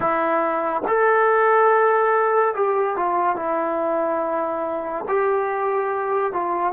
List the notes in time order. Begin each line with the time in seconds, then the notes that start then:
0.00 E4
0.87 A4
2.55 G4
2.96 F4
3.36 E4
5.08 G4
6.32 F4